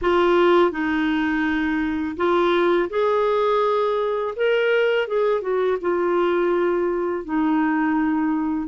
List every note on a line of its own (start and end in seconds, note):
0.01 0.71 F4
0.71 2.16 D#4
2.17 2.89 F4
2.89 4.34 G#4
4.36 5.07 A#4
5.07 5.41 G#4
5.41 5.77 F#4
5.81 7.25 F4
7.25 8.68 D#4